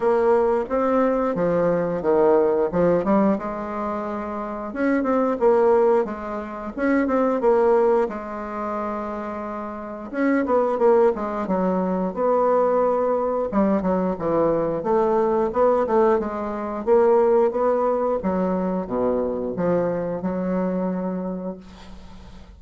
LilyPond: \new Staff \with { instrumentName = "bassoon" } { \time 4/4 \tempo 4 = 89 ais4 c'4 f4 dis4 | f8 g8 gis2 cis'8 c'8 | ais4 gis4 cis'8 c'8 ais4 | gis2. cis'8 b8 |
ais8 gis8 fis4 b2 | g8 fis8 e4 a4 b8 a8 | gis4 ais4 b4 fis4 | b,4 f4 fis2 | }